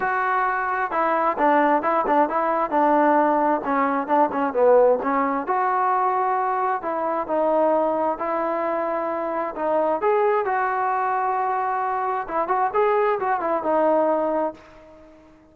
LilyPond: \new Staff \with { instrumentName = "trombone" } { \time 4/4 \tempo 4 = 132 fis'2 e'4 d'4 | e'8 d'8 e'4 d'2 | cis'4 d'8 cis'8 b4 cis'4 | fis'2. e'4 |
dis'2 e'2~ | e'4 dis'4 gis'4 fis'4~ | fis'2. e'8 fis'8 | gis'4 fis'8 e'8 dis'2 | }